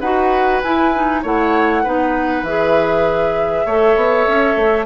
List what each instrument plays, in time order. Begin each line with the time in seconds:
0.00 bassoon D#4, clarinet F#4, oboe B4, flute F#5
0.62 clarinet E4, bassoon E4, flute G#5
0.94 clarinet D#4
1.22 bassoon A3, clarinet E4, oboe C#5, flute F#5
1.83 bassoon B3, clarinet D#4, oboe B4
2.43 bassoon E3, clarinet G#4, flute E5
3.65 bassoon A3, clarinet A4, oboe C#5
3.96 bassoon B3
4.27 bassoon C#4
4.56 bassoon A3